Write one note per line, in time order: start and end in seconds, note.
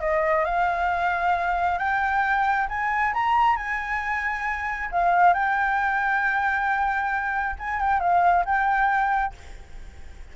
0.00 0.44 D#5
0.45 1.78 F5
1.78 2.67 G5
2.69 3.13 G#5
3.13 3.56 A#5
3.56 4.89 G#5
4.91 5.33 F5
5.33 7.56 G5
7.59 7.80 G#5
7.80 8.00 G5
8.00 8.44 F5
8.45 9.34 G5